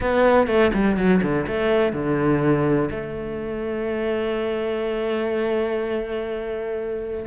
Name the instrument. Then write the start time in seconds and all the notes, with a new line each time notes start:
cello
0.00 B3
0.47 A3
0.73 G3
0.97 F#3
1.22 D3
1.47 A3
1.92 D3
2.90 A3